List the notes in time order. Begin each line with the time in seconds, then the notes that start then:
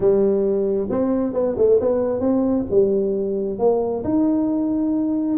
0.00 G3
0.90 C4
1.33 B3
1.57 A3
1.80 B3
2.20 C4
2.70 G3
3.59 A#3
4.04 D#4